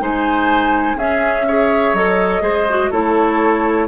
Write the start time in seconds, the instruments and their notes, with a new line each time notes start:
0.00 bassoon G#3, clarinet D#4, oboe C5, flute G#5
0.95 bassoon C#4, clarinet C#4, oboe G#4, flute E5
1.48 clarinet G#4, oboe C#5
1.93 bassoon F#3, clarinet A4, flute D#5
2.41 bassoon G#3, clarinet G#4, oboe C5
2.70 clarinet F#4
2.91 bassoon A3, clarinet E4, oboe A4, flute C#5